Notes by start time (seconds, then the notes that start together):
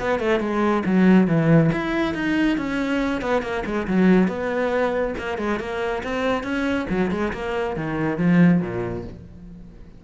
0.00 B3
0.20 A3
0.40 G#3
0.86 F#3
1.28 E3
1.73 E4
2.15 D#4
2.58 C#4
3.22 B3
3.42 A#3
3.66 G#3
3.88 F#3
4.28 B3
5.18 A#3
5.38 G#3
5.60 A#3
6.04 C4
6.44 C#4
6.90 F#3
7.12 G#3
7.33 A#3
7.77 D#3
8.18 F3
8.62 A#2